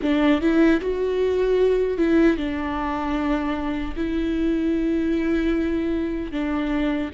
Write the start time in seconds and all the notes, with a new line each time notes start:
0.01 D4
0.41 E4
0.80 F#4
1.97 E4
2.37 D4
3.95 E4
6.31 D4